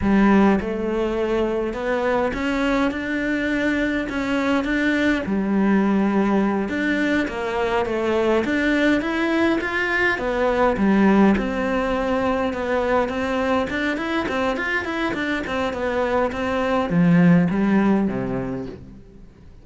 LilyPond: \new Staff \with { instrumentName = "cello" } { \time 4/4 \tempo 4 = 103 g4 a2 b4 | cis'4 d'2 cis'4 | d'4 g2~ g8 d'8~ | d'8 ais4 a4 d'4 e'8~ |
e'8 f'4 b4 g4 c'8~ | c'4. b4 c'4 d'8 | e'8 c'8 f'8 e'8 d'8 c'8 b4 | c'4 f4 g4 c4 | }